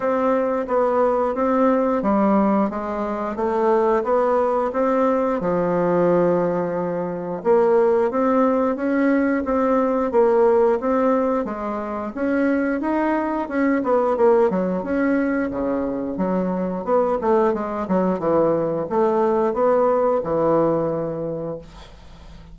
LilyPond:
\new Staff \with { instrumentName = "bassoon" } { \time 4/4 \tempo 4 = 89 c'4 b4 c'4 g4 | gis4 a4 b4 c'4 | f2. ais4 | c'4 cis'4 c'4 ais4 |
c'4 gis4 cis'4 dis'4 | cis'8 b8 ais8 fis8 cis'4 cis4 | fis4 b8 a8 gis8 fis8 e4 | a4 b4 e2 | }